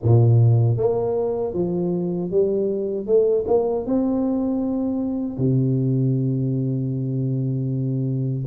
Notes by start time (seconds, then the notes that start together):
0.02 A#2
0.77 A#3
1.53 F3
2.30 G3
3.06 A3
3.47 A#3
3.86 C4
5.37 C3